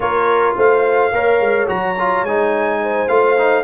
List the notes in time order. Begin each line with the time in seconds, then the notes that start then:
0.00 A#3 F4 A#4 C#5
0.56 A3 C5 F5
1.11 A#3 A#4 C#5
1.40 G#3
1.66 F#3 F#4 A#5
1.98 F4
2.23 G#3 D#4 G#5
2.82 C5
3.08 A3 F4 F5
3.37 D#4